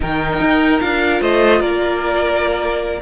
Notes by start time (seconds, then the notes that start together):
0.00 D#3 D#4 A#4 G5
0.40 D#4
0.79 D4 F4 F5
1.20 A3 C5 D#5
1.60 A#3 A#4 D5